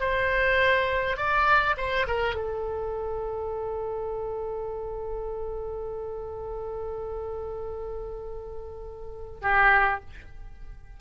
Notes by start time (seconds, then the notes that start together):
0.00 C5
1.17 D5
1.77 C5
2.07 A#4
2.35 A4
9.41 G4